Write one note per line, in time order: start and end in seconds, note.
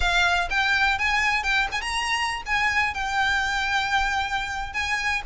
0.00 0.49 F5
0.49 0.98 G5
0.98 1.43 G#5
1.43 1.67 G5
1.72 1.81 G#5
1.81 2.42 A#5
2.45 2.94 G#5
2.94 4.73 G5
4.73 5.22 G#5